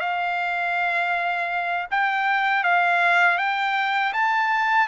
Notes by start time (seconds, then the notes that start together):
0.00 F5
1.91 G5
2.64 F5
3.38 G5
4.14 A5